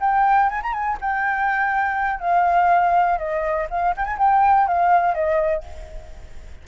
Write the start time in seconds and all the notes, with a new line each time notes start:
0.00 G5
0.49 G#5
0.62 A#5
0.73 G#5
1.01 G5
2.20 F5
3.18 D#5
3.70 F5
3.96 G5
4.05 G#5
4.18 G5
4.67 F5
5.14 D#5